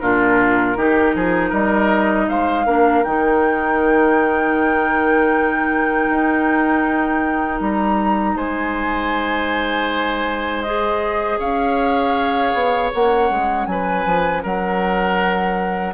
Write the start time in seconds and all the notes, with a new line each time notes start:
0.00 A#2 D4 F4 A#4
0.77 D#3 D#4 G4
1.15 F3 G#4
1.50 G3 A#4 D#5
2.28 G#3 C5 F5
2.66 A#3 D4 A#4
3.04 D#3 D#4 G5
6.09 D#4
7.60 G3 A#5
8.35 G#3 C5 G#5
10.62 G#4 D#5
11.39 C#4 C#5 F5
12.53 B3
12.93 A#3 C#4 F#5
13.30 G#3
13.67 F#3 B4 G#5
14.06 F3
14.43 F#3 A#4 F#5